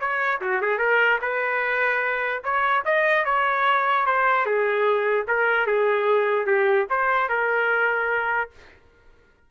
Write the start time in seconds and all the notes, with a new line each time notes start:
0.00 C#5
0.41 F#4
0.61 G#4
0.78 A#4
1.21 B4
2.44 C#5
2.85 D#5
3.25 C#5
4.06 C5
4.46 G#4
5.27 A#4
5.67 G#4
6.46 G4
6.90 C5
7.29 A#4